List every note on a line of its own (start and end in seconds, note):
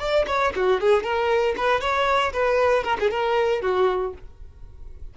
0.00 0.26 D5
0.28 0.53 C#5
0.56 0.81 F#4
0.81 1.04 G#4
1.04 1.55 A#4
1.57 1.81 B4
1.81 2.33 C#5
2.33 2.84 B4
2.84 2.97 A#4
3.00 3.11 G#4
3.11 3.62 A#4
3.62 4.14 F#4